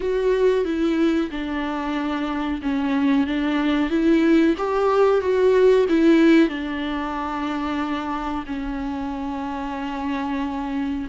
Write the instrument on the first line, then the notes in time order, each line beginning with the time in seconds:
viola
0.00 F#4
0.65 E4
1.30 D4
2.61 C#4
3.26 D4
3.90 E4
4.57 G4
5.20 F#4
5.88 E4
6.48 D4
8.46 C#4